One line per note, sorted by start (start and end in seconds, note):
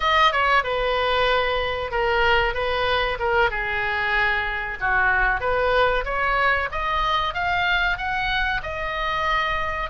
0.00 0.32 D#5
0.32 0.63 C#5
0.63 1.91 B4
1.91 2.54 A#4
2.54 3.17 B4
3.19 3.50 A#4
3.50 4.78 G#4
4.80 5.40 F#4
5.40 6.04 B4
6.04 6.68 C#5
6.71 7.34 D#5
7.34 7.97 F5
7.97 8.61 F#5
8.62 9.90 D#5